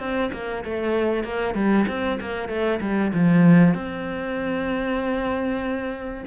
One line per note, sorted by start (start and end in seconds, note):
0.00 0.31 C4
0.33 0.64 A#3
0.65 1.24 A3
1.24 1.55 A#3
1.55 1.86 G3
1.88 2.20 C4
2.21 2.49 A#3
2.49 2.80 A3
2.81 3.12 G3
3.14 3.74 F3
3.74 6.24 C4